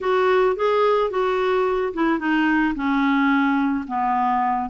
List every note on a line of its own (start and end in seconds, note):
0.01 0.56 F#4
0.56 1.10 G#4
1.10 1.93 F#4
1.93 2.19 E4
2.19 2.74 D#4
2.75 3.85 C#4
3.87 4.69 B3